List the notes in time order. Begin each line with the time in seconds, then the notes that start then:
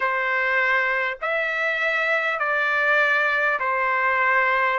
0.00 C5
1.21 E5
2.39 D5
3.59 C5